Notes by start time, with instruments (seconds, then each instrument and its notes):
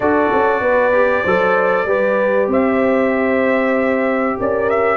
0.00 tuba D4, trombone F#4, horn A4, trumpet D5
0.33 tuba C#4
0.60 tuba B3, horn B4
0.93 trombone G4
1.22 tuba F#3, trombone A4, horn C5
1.85 tuba G3, trombone G4, horn B4
2.47 tuba C4, horn C5, trumpet E5
4.39 tuba C#4, horn A#4, trumpet D5
4.69 trumpet E5